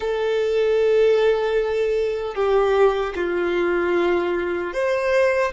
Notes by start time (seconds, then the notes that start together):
0.00 A4
2.34 G4
3.15 F4
4.73 C5